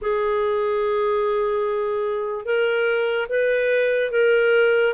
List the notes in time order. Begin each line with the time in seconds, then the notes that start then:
0.01 G#4
2.45 A#4
3.28 B4
4.11 A#4